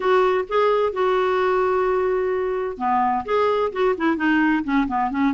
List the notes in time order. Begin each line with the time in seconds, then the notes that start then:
0.00 F#4
0.48 G#4
0.92 F#4
2.77 B3
3.25 G#4
3.72 F#4
3.97 E4
4.16 D#4
4.64 C#4
4.87 B3
5.10 C#4